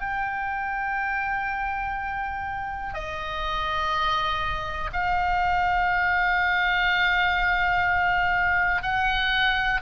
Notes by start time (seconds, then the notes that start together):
0.00 G5
2.94 D#5
4.93 F5
8.83 F#5